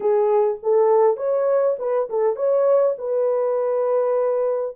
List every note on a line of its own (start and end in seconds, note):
0.00 0.58 G#4
0.62 1.17 A4
1.17 1.76 C#5
1.78 2.08 B4
2.09 2.35 A4
2.35 2.95 C#5
2.97 4.76 B4